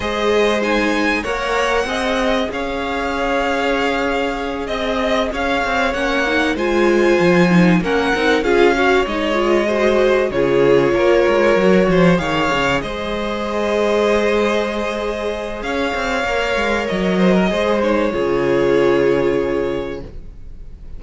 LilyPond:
<<
  \new Staff \with { instrumentName = "violin" } { \time 4/4 \tempo 4 = 96 dis''4 gis''4 fis''2 | f''2.~ f''8 dis''8~ | dis''8 f''4 fis''4 gis''4.~ | gis''8 fis''4 f''4 dis''4.~ |
dis''8 cis''2. f''8~ | f''8 dis''2.~ dis''8~ | dis''4 f''2 dis''4~ | dis''8 cis''2.~ cis''8 | }
  \new Staff \with { instrumentName = "violin" } { \time 4/4 c''2 cis''4 dis''4 | cis''2.~ cis''8 dis''8~ | dis''8 cis''2 c''4.~ | c''8 ais'4 gis'8 cis''4. c''8~ |
c''8 gis'4 ais'4. c''8 cis''8~ | cis''8 c''2.~ c''8~ | c''4 cis''2~ cis''8 c''16 ais'16 | c''4 gis'2. | }
  \new Staff \with { instrumentName = "viola" } { \time 4/4 gis'4 dis'4 ais'4 gis'4~ | gis'1~ | gis'4. cis'8 dis'8 f'4. | dis'8 cis'8 dis'8 f'8 fis'8 dis'8 f'8 fis'8~ |
fis'8 f'2 fis'4 gis'8~ | gis'1~ | gis'2 ais'2 | gis'8 dis'8 f'2. | }
  \new Staff \with { instrumentName = "cello" } { \time 4/4 gis2 ais4 c'4 | cis'2.~ cis'8 c'8~ | c'8 cis'8 c'8 ais4 gis4 f8~ | f8 ais8 c'8 cis'4 gis4.~ |
gis8 cis4 ais8 gis8 fis8 f8 dis8 | cis8 gis2.~ gis8~ | gis4 cis'8 c'8 ais8 gis8 fis4 | gis4 cis2. | }
>>